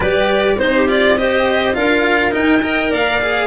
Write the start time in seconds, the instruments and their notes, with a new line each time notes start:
0.00 tuba G3, cello G4, clarinet B4, violin D5
0.57 tuba C4, cello D#4, clarinet C5, violin C5
0.75 clarinet G4
0.87 cello F4, violin D5
1.17 cello G4, clarinet C5, violin D#5
1.73 tuba D4, cello F4, clarinet A#4, violin F5
2.31 cello D#4, tuba D#4, violin G5
2.62 cello A#4, clarinet D#5
2.90 tuba A#3, clarinet D5, violin F5
3.21 cello G#4